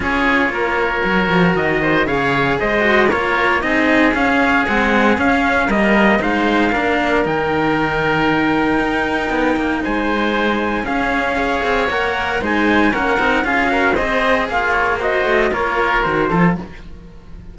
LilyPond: <<
  \new Staff \with { instrumentName = "trumpet" } { \time 4/4 \tempo 4 = 116 cis''2. dis''4 | f''4 dis''4 cis''4 dis''4 | f''4 fis''4 f''4 dis''4 | f''2 g''2~ |
g''2. gis''4~ | gis''4 f''2 fis''4 | gis''4 fis''4 f''4 dis''4 | f''8 cis''8 dis''4 cis''4 c''4 | }
  \new Staff \with { instrumentName = "oboe" } { \time 4/4 gis'4 ais'2~ ais'8 c''8 | cis''4 c''4 ais'4 gis'4~ | gis'2. ais'4 | c''4 ais'2.~ |
ais'2. c''4~ | c''4 gis'4 cis''2 | c''4 ais'4 gis'8 ais'8 c''4 | f'4 c''4 ais'4. a'8 | }
  \new Staff \with { instrumentName = "cello" } { \time 4/4 f'2 fis'2 | gis'4. fis'8 f'4 dis'4 | cis'4 gis4 cis'4 ais4 | dis'4 d'4 dis'2~ |
dis'1~ | dis'4 cis'4 gis'4 ais'4 | dis'4 cis'8 dis'8 f'8 fis'8 gis'4~ | gis'4 fis'4 f'4 fis'8 f'8 | }
  \new Staff \with { instrumentName = "cello" } { \time 4/4 cis'4 ais4 fis8 f8 dis4 | cis4 gis4 ais4 c'4 | cis'4 c'4 cis'4 g4 | gis4 ais4 dis2~ |
dis4 dis'4 b8 ais8 gis4~ | gis4 cis'4. c'8 ais4 | gis4 ais8 c'8 cis'4 c'4 | ais4. a8 ais4 dis8 f8 | }
>>